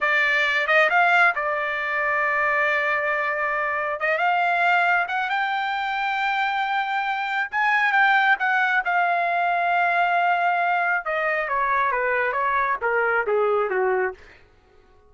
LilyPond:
\new Staff \with { instrumentName = "trumpet" } { \time 4/4 \tempo 4 = 136 d''4. dis''8 f''4 d''4~ | d''1~ | d''4 dis''8 f''2 fis''8 | g''1~ |
g''4 gis''4 g''4 fis''4 | f''1~ | f''4 dis''4 cis''4 b'4 | cis''4 ais'4 gis'4 fis'4 | }